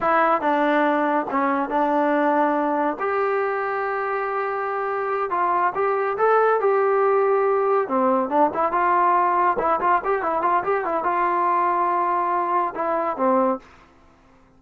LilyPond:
\new Staff \with { instrumentName = "trombone" } { \time 4/4 \tempo 4 = 141 e'4 d'2 cis'4 | d'2. g'4~ | g'1~ | g'8 f'4 g'4 a'4 g'8~ |
g'2~ g'8 c'4 d'8 | e'8 f'2 e'8 f'8 g'8 | e'8 f'8 g'8 e'8 f'2~ | f'2 e'4 c'4 | }